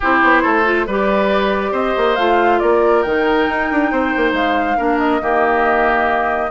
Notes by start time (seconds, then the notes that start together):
0.00 C4 E4 G4 C5
0.22 B3
0.42 A3 A4
0.64 F4
0.86 G3 G4 B4 D5
1.71 C4 C5 D#5
1.96 A#3
2.15 A3 F4 F5
2.59 A#3 A#4 D5
3.02 D#3 D#4 G5
3.48 D#4
3.71 D4
3.91 C4 C5
4.16 A#3
4.32 G#3 F5
4.77 A#3 D4 A#4
4.98 D#5
5.20 D#3 A#3 G4